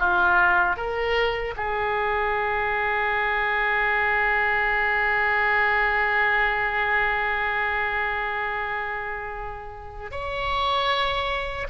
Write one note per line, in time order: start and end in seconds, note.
0.00 0.77 F4
0.77 1.55 A#4
1.57 10.12 G#4
10.12 11.68 C#5